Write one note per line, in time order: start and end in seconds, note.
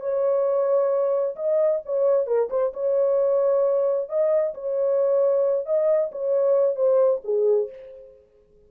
0.00 1.35 C#5
1.36 1.81 D#5
1.85 2.26 C#5
2.26 2.49 A#4
2.50 2.72 C5
2.73 4.09 C#5
4.09 4.54 D#5
4.54 5.65 C#5
5.65 6.10 D#5
6.12 6.75 C#5
6.75 7.21 C5
7.24 7.69 G#4